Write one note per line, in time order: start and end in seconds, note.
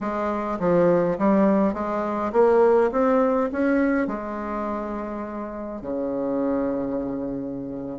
0.00 0.59 G#3
0.59 1.18 F3
1.18 1.73 G3
1.73 2.31 G#3
2.32 2.90 A#3
2.91 3.50 C4
3.52 4.07 C#4
4.07 5.81 G#3
5.81 7.99 C#3